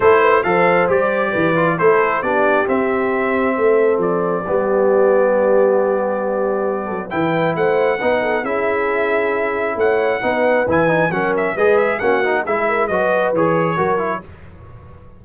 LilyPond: <<
  \new Staff \with { instrumentName = "trumpet" } { \time 4/4 \tempo 4 = 135 c''4 f''4 d''2 | c''4 d''4 e''2~ | e''4 d''2.~ | d''1 |
g''4 fis''2 e''4~ | e''2 fis''2 | gis''4 fis''8 e''8 dis''8 e''8 fis''4 | e''4 dis''4 cis''2 | }
  \new Staff \with { instrumentName = "horn" } { \time 4/4 a'8 b'8 c''2 b'4 | a'4 g'2. | a'2 g'2~ | g'2.~ g'8 a'8 |
b'4 c''4 b'8 a'8 gis'4~ | gis'2 cis''4 b'4~ | b'4 ais'4 b'4 fis'4 | gis'8 ais'8 b'2 ais'4 | }
  \new Staff \with { instrumentName = "trombone" } { \time 4/4 e'4 a'4 g'4. f'8 | e'4 d'4 c'2~ | c'2 b2~ | b1 |
e'2 dis'4 e'4~ | e'2. dis'4 | e'8 dis'8 cis'4 gis'4 cis'8 dis'8 | e'4 fis'4 gis'4 fis'8 e'8 | }
  \new Staff \with { instrumentName = "tuba" } { \time 4/4 a4 f4 g4 e4 | a4 b4 c'2 | a4 f4 g2~ | g2.~ g8 fis8 |
e4 a4 b4 cis'4~ | cis'2 a4 b4 | e4 fis4 gis4 ais4 | gis4 fis4 e4 fis4 | }
>>